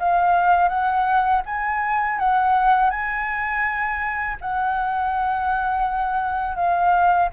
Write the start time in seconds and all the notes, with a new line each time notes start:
0.00 F5
0.69 F#5
1.46 G#5
2.19 F#5
2.91 G#5
4.41 F#5
6.56 F5